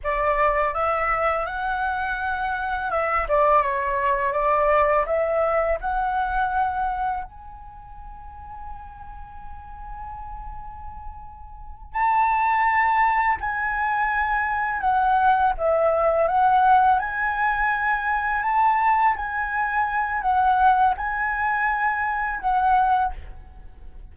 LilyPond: \new Staff \with { instrumentName = "flute" } { \time 4/4 \tempo 4 = 83 d''4 e''4 fis''2 | e''8 d''8 cis''4 d''4 e''4 | fis''2 gis''2~ | gis''1~ |
gis''8 a''2 gis''4.~ | gis''8 fis''4 e''4 fis''4 gis''8~ | gis''4. a''4 gis''4. | fis''4 gis''2 fis''4 | }